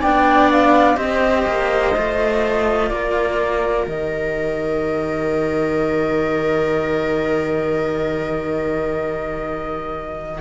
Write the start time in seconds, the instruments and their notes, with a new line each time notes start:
0.00 cello B3 D4, viola D5, flute G5
0.51 flute F5
0.95 cello C4 G4, viola C5, flute D#5
1.47 cello A#3
1.95 cello A3 F4
2.89 cello A#3, viola A#4, flute D5
3.86 cello D#3 G4, flute D#5